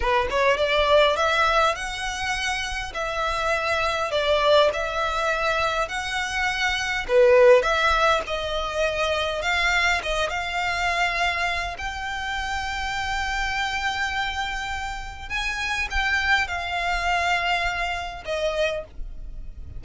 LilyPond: \new Staff \with { instrumentName = "violin" } { \time 4/4 \tempo 4 = 102 b'8 cis''8 d''4 e''4 fis''4~ | fis''4 e''2 d''4 | e''2 fis''2 | b'4 e''4 dis''2 |
f''4 dis''8 f''2~ f''8 | g''1~ | g''2 gis''4 g''4 | f''2. dis''4 | }